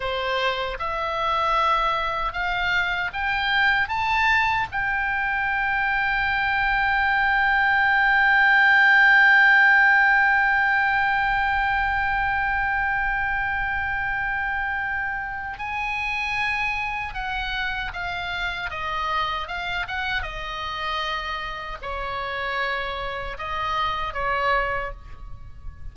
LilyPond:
\new Staff \with { instrumentName = "oboe" } { \time 4/4 \tempo 4 = 77 c''4 e''2 f''4 | g''4 a''4 g''2~ | g''1~ | g''1~ |
g''1 | gis''2 fis''4 f''4 | dis''4 f''8 fis''8 dis''2 | cis''2 dis''4 cis''4 | }